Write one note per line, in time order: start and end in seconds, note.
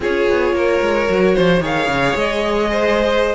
0.00 0.26 C#4
0.00 1.07 F4
0.00 0.55 G#4
0.00 1.64 C#5
0.29 0.52 B3
0.52 0.80 A#3
0.52 1.35 A#4
0.81 1.08 G#3
1.07 1.35 F#3
1.07 1.60 F#4
1.35 1.60 F3
1.35 1.62 C5
1.60 1.87 D#3
1.60 3.35 G#4
1.60 2.70 C#5
1.60 2.18 F5
1.87 2.14 C#3
2.15 3.35 G#3
2.15 3.35 D#5
2.70 3.35 C5